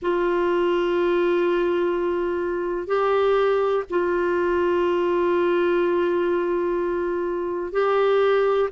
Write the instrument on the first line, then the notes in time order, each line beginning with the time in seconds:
clarinet
0.02 F4
2.87 G4
3.90 F4
7.72 G4